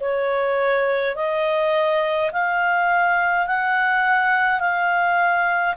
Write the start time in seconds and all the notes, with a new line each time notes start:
0.00 C#5
1.15 D#5
2.32 F5
3.47 F#5
4.60 F5